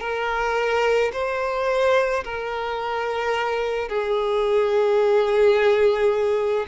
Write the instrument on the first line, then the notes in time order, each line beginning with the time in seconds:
violin
0.00 A#4
1.12 C5
2.24 A#4
3.88 G#4